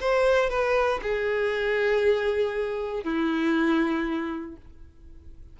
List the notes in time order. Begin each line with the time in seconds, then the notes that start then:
0.00 C5
0.49 B4
1.02 G#4
3.03 E4